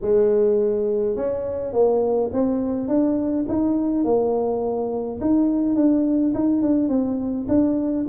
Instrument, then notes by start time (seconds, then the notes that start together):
tuba
0.01 G#3
1.15 C#4
1.73 A#3
2.32 C4
2.88 D4
3.48 D#4
4.04 A#3
5.20 D#4
5.75 D4
6.34 D#4
6.62 D4
6.89 C4
7.48 D4